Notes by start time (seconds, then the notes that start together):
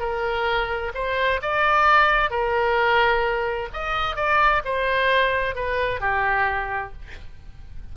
0.00 A#4
0.95 C5
1.42 D5
2.31 A#4
3.73 D#5
4.16 D5
4.65 C5
5.56 B4
6.01 G4